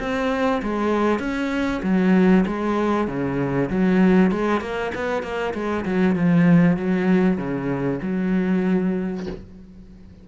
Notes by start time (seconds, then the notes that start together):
0.00 C4
0.63 G#3
1.20 C#4
1.83 F#3
2.47 G#3
3.08 C#3
3.71 F#3
4.32 G#3
4.61 A#3
4.95 B3
5.23 A#3
5.54 G#3
5.86 F#3
6.16 F3
6.77 F#3
7.38 C#3
8.03 F#3